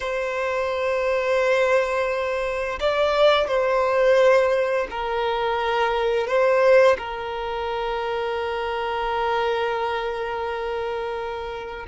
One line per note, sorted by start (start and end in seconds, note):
0.00 2.79 C5
2.79 3.47 D5
3.47 4.87 C5
4.90 6.27 A#4
6.27 6.96 C5
6.98 11.86 A#4